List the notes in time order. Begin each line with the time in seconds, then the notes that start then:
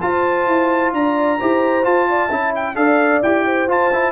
0.00 F4 C5 A5
0.47 E4
0.93 D4 D5 A#5
1.39 E4 G4 C5
1.83 F4 A5
2.09 D5
2.27 C#4 E4 E5
2.55 G5
2.75 D4 A4 D5 F5
3.22 E4 G4 G5
3.45 C5
3.66 F4 A5
3.92 E4